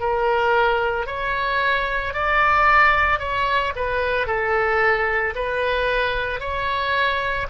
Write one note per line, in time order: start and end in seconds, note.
0.00 1.07 A#4
1.07 2.14 C#5
2.14 3.19 D5
3.19 3.73 C#5
3.76 4.27 B4
4.27 5.34 A4
5.35 6.40 B4
6.40 7.47 C#5